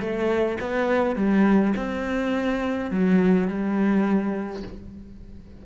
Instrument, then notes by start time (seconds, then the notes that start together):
cello
0.00 A3
0.60 B3
1.15 G3
1.76 C4
2.91 F#3
3.47 G3